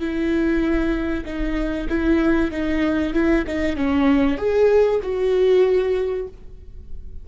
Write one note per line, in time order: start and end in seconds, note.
0.00 1.25 E4
1.26 1.88 D#4
1.89 2.51 E4
2.51 3.13 D#4
3.13 3.45 E4
3.47 3.76 D#4
3.76 4.38 C#4
4.38 5.00 G#4
5.03 6.28 F#4